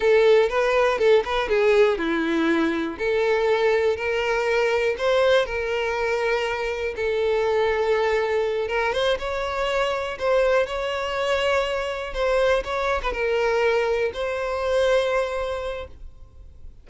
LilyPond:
\new Staff \with { instrumentName = "violin" } { \time 4/4 \tempo 4 = 121 a'4 b'4 a'8 b'8 gis'4 | e'2 a'2 | ais'2 c''4 ais'4~ | ais'2 a'2~ |
a'4. ais'8 c''8 cis''4.~ | cis''8 c''4 cis''2~ cis''8~ | cis''8 c''4 cis''8. b'16 ais'4.~ | ais'8 c''2.~ c''8 | }